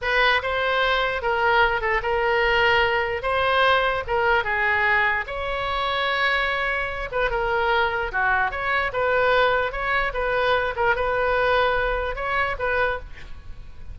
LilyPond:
\new Staff \with { instrumentName = "oboe" } { \time 4/4 \tempo 4 = 148 b'4 c''2 ais'4~ | ais'8 a'8 ais'2. | c''2 ais'4 gis'4~ | gis'4 cis''2.~ |
cis''4. b'8 ais'2 | fis'4 cis''4 b'2 | cis''4 b'4. ais'8 b'4~ | b'2 cis''4 b'4 | }